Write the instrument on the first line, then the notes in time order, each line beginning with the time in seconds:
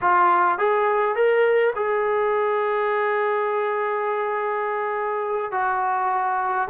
trombone
0.01 F4
0.58 G#4
1.15 A#4
1.75 G#4
5.51 F#4